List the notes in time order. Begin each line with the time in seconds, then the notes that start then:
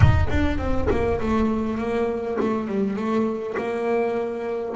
0.00 D#4
0.29 D4
0.58 C4
0.90 A#3
1.20 A3
1.78 A#3
2.40 A3
2.67 G3
2.96 A3
3.57 A#3